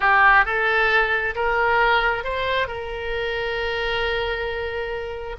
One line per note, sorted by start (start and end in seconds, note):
0.00 0.45 G4
0.45 1.35 A4
1.35 2.23 A#4
2.23 2.67 C5
2.67 5.36 A#4